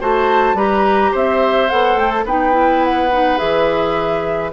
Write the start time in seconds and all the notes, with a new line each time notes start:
0.00 A3 F#4 C5 A5
0.54 G3 G4 B4 A#5
1.12 C4 C5 E5
1.70 B3 A4 F#5
1.95 A3 G5
2.11 A5
2.25 B3 D#4 B4 G5
2.52 E4
2.85 F#5
3.12 D#4
3.38 E3 G#4 E5